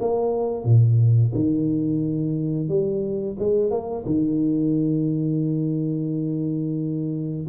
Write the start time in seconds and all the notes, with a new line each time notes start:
0.00 A#3
0.64 A#2
1.34 D#3
2.68 G3
3.39 G#3
3.70 A#3
4.05 D#3